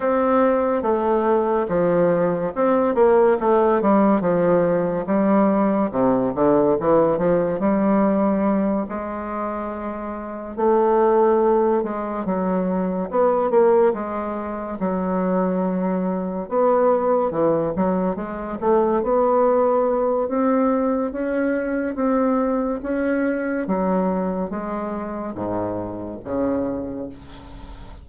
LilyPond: \new Staff \with { instrumentName = "bassoon" } { \time 4/4 \tempo 4 = 71 c'4 a4 f4 c'8 ais8 | a8 g8 f4 g4 c8 d8 | e8 f8 g4. gis4.~ | gis8 a4. gis8 fis4 b8 |
ais8 gis4 fis2 b8~ | b8 e8 fis8 gis8 a8 b4. | c'4 cis'4 c'4 cis'4 | fis4 gis4 gis,4 cis4 | }